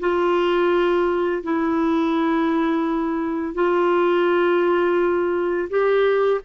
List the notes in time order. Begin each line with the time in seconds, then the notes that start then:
0.00 F4
1.43 E4
3.55 F4
5.70 G4